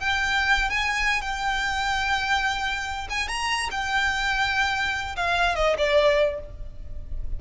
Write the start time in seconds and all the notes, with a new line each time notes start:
0.00 G5
0.70 G#5
1.22 G5
3.10 G#5
3.29 A#5
3.71 G5
5.16 F5
5.56 D#5
5.78 D5